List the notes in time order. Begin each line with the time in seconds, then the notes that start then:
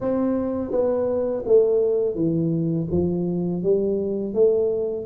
0.00 C4
0.71 B3
1.45 A3
2.15 E3
2.91 F3
3.62 G3
4.33 A3